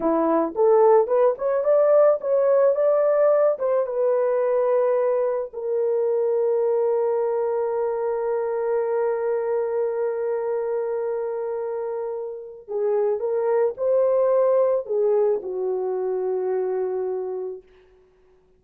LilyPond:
\new Staff \with { instrumentName = "horn" } { \time 4/4 \tempo 4 = 109 e'4 a'4 b'8 cis''8 d''4 | cis''4 d''4. c''8 b'4~ | b'2 ais'2~ | ais'1~ |
ais'1~ | ais'2. gis'4 | ais'4 c''2 gis'4 | fis'1 | }